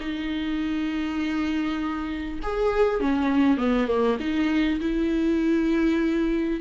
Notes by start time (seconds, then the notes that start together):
0.00 D#4
2.43 G#4
3.00 C#4
3.58 B3
3.88 A#3
4.20 D#4
4.80 E4